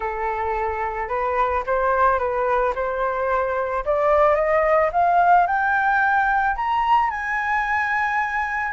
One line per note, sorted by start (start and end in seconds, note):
0.00 1.08 A4
1.08 1.63 B4
1.66 2.18 C5
2.18 2.73 B4
2.75 3.84 C5
3.85 4.35 D5
4.35 4.89 D#5
4.92 5.46 F5
5.46 6.55 G5
6.56 7.10 A#5
7.10 8.72 G#5